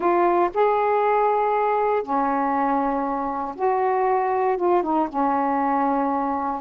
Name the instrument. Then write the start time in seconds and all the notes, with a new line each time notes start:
saxophone
0.00 F4
0.53 G#4
2.02 C#4
3.55 F#4
4.57 F4
4.82 D#4
5.08 C#4